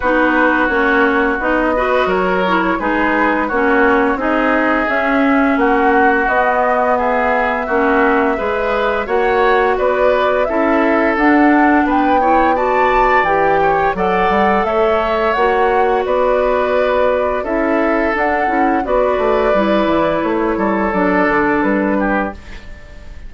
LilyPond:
<<
  \new Staff \with { instrumentName = "flute" } { \time 4/4 \tempo 4 = 86 b'4 cis''4 dis''4 cis''4 | b'4 cis''4 dis''4 e''4 | fis''4 dis''4 e''2~ | e''4 fis''4 d''4 e''4 |
fis''4 g''4 a''4 g''4 | fis''4 e''4 fis''4 d''4~ | d''4 e''4 fis''4 d''4~ | d''4 cis''4 d''4 b'4 | }
  \new Staff \with { instrumentName = "oboe" } { \time 4/4 fis'2~ fis'8 b'8 ais'4 | gis'4 fis'4 gis'2 | fis'2 gis'4 fis'4 | b'4 cis''4 b'4 a'4~ |
a'4 b'8 cis''8 d''4. cis''8 | d''4 cis''2 b'4~ | b'4 a'2 b'4~ | b'4. a'2 g'8 | }
  \new Staff \with { instrumentName = "clarinet" } { \time 4/4 dis'4 cis'4 dis'8 fis'4 e'8 | dis'4 cis'4 dis'4 cis'4~ | cis'4 b2 cis'4 | gis'4 fis'2 e'4 |
d'4. e'8 fis'4 g'4 | a'2 fis'2~ | fis'4 e'4 d'8 e'8 fis'4 | e'2 d'2 | }
  \new Staff \with { instrumentName = "bassoon" } { \time 4/4 b4 ais4 b4 fis4 | gis4 ais4 c'4 cis'4 | ais4 b2 ais4 | gis4 ais4 b4 cis'4 |
d'4 b2 e4 | fis8 g8 a4 ais4 b4~ | b4 cis'4 d'8 cis'8 b8 a8 | g8 e8 a8 g8 fis8 d8 g4 | }
>>